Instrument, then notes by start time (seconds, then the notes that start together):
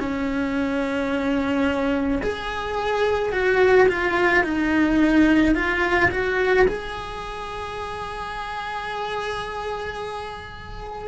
cello
0.00 C#4
2.23 G#4
3.32 F#4
3.89 F4
4.44 D#4
5.55 F4
6.11 F#4
6.68 G#4